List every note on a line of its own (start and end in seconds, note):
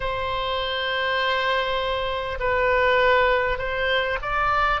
0.00 2.38 C5
2.39 3.58 B4
3.58 4.18 C5
4.22 4.80 D5